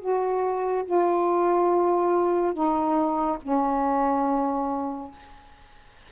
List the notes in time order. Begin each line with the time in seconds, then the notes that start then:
0.00 F#4
0.85 F4
2.53 D#4
3.42 C#4